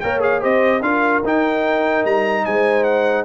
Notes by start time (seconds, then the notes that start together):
0.00 A#3 A#4 C#5 G5
0.20 G#4 F5
0.40 C4 G4 C5 D#5
0.81 D4 F4 A#4 F5
1.23 D#4 G5
2.04 G3 A#5
2.45 G#3 C5 G#5
2.84 F#5